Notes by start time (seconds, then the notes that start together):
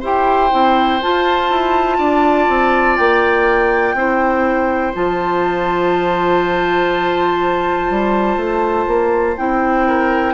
0.00 E4 G4 C5 G5
0.51 C4 E4
1.02 F4 A5
1.50 E4
1.98 D4 D5
2.48 C4
2.97 A#3 G5
3.94 C4 E4 C5
4.94 F3 F4 A5
7.90 G3
8.36 A3
8.87 A#3
9.37 C4 E4 G5
9.88 A#4